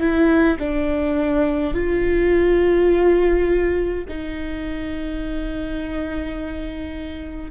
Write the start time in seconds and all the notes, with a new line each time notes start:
0.00 E4
0.59 D4
1.74 F4
4.09 D#4